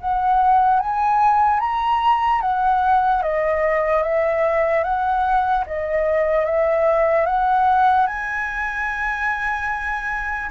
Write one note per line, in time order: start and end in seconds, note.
0.00 0.79 F#5
0.79 1.60 G#5
1.60 2.41 A#5
2.41 3.22 F#5
3.22 4.02 D#5
4.02 4.83 E5
4.83 5.64 F#5
5.66 6.45 D#5
6.45 7.26 E5
7.26 8.06 F#5
8.06 10.49 G#5